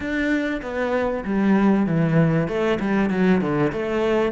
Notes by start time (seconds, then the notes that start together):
0.00 D4
0.62 B3
1.25 G3
1.86 E3
2.47 A3
2.79 G3
3.10 F#3
3.41 D3
3.72 A3